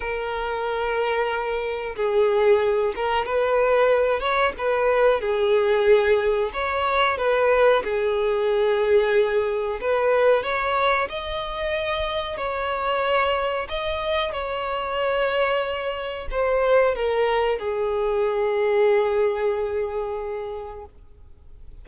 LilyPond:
\new Staff \with { instrumentName = "violin" } { \time 4/4 \tempo 4 = 92 ais'2. gis'4~ | gis'8 ais'8 b'4. cis''8 b'4 | gis'2 cis''4 b'4 | gis'2. b'4 |
cis''4 dis''2 cis''4~ | cis''4 dis''4 cis''2~ | cis''4 c''4 ais'4 gis'4~ | gis'1 | }